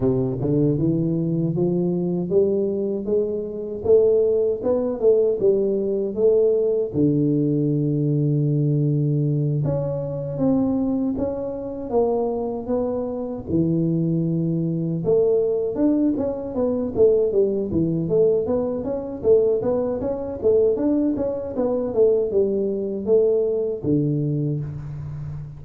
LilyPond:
\new Staff \with { instrumentName = "tuba" } { \time 4/4 \tempo 4 = 78 c8 d8 e4 f4 g4 | gis4 a4 b8 a8 g4 | a4 d2.~ | d8 cis'4 c'4 cis'4 ais8~ |
ais8 b4 e2 a8~ | a8 d'8 cis'8 b8 a8 g8 e8 a8 | b8 cis'8 a8 b8 cis'8 a8 d'8 cis'8 | b8 a8 g4 a4 d4 | }